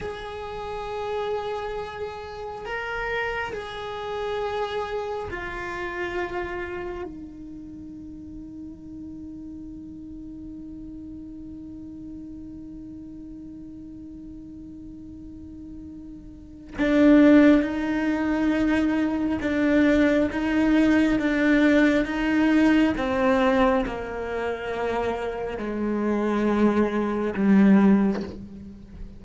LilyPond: \new Staff \with { instrumentName = "cello" } { \time 4/4 \tempo 4 = 68 gis'2. ais'4 | gis'2 f'2 | dis'1~ | dis'1~ |
dis'2. d'4 | dis'2 d'4 dis'4 | d'4 dis'4 c'4 ais4~ | ais4 gis2 g4 | }